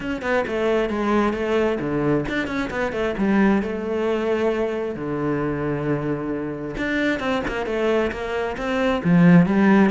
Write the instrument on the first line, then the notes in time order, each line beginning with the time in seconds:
cello
0.00 C#4
0.22 B3
0.47 A3
0.89 G#3
1.33 A3
1.80 D3
2.28 D4
2.47 C#4
2.70 B3
2.92 A3
3.17 G3
3.62 A3
4.95 D3
6.77 D4
7.19 C4
7.47 A#3
7.66 A3
8.11 A#3
8.57 C4
9.03 F3
9.46 G3